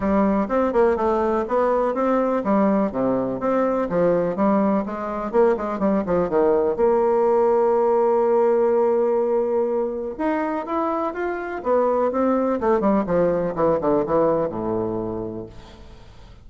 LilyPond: \new Staff \with { instrumentName = "bassoon" } { \time 4/4 \tempo 4 = 124 g4 c'8 ais8 a4 b4 | c'4 g4 c4 c'4 | f4 g4 gis4 ais8 gis8 | g8 f8 dis4 ais2~ |
ais1~ | ais4 dis'4 e'4 f'4 | b4 c'4 a8 g8 f4 | e8 d8 e4 a,2 | }